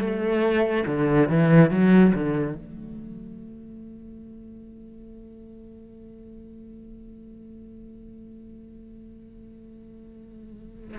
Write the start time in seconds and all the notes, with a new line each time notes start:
0.00 A3
0.86 D3
1.29 E3
1.71 F#3
2.15 D3
2.55 A3